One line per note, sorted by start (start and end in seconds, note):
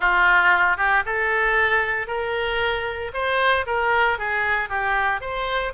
0.00 0.77 F4
0.77 1.03 G4
1.05 2.07 A4
2.07 3.11 A#4
3.13 3.65 C5
3.66 4.18 A#4
4.18 4.69 G#4
4.69 5.20 G4
5.20 5.72 C5